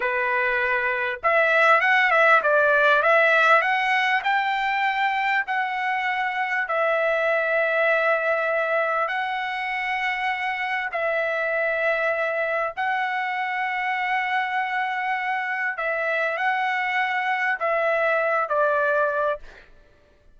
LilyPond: \new Staff \with { instrumentName = "trumpet" } { \time 4/4 \tempo 4 = 99 b'2 e''4 fis''8 e''8 | d''4 e''4 fis''4 g''4~ | g''4 fis''2 e''4~ | e''2. fis''4~ |
fis''2 e''2~ | e''4 fis''2.~ | fis''2 e''4 fis''4~ | fis''4 e''4. d''4. | }